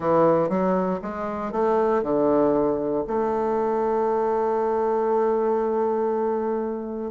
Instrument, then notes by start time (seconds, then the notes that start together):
bassoon
0.00 E3
0.49 F#3
1.02 G#3
1.51 A3
2.02 D3
3.07 A3